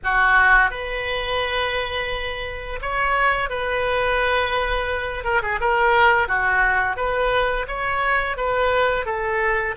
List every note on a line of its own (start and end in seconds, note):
0.03 0.70 F#4
0.70 2.79 B4
2.81 3.49 C#5
3.49 5.24 B4
5.24 5.41 A#4
5.42 5.59 G#4
5.60 6.28 A#4
6.28 6.96 F#4
6.96 7.66 B4
7.67 8.36 C#5
8.36 9.05 B4
9.05 9.75 A4